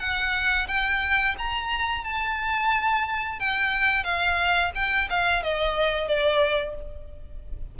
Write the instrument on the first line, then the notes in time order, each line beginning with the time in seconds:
violin
0.00 F#5
0.69 G5
1.39 A#5
2.05 A5
3.40 G5
4.04 F5
4.76 G5
5.11 F5
5.44 D#5
6.08 D5